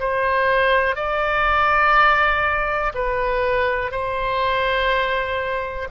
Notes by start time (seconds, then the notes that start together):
0.00 C5
0.96 D5
2.95 B4
3.92 C5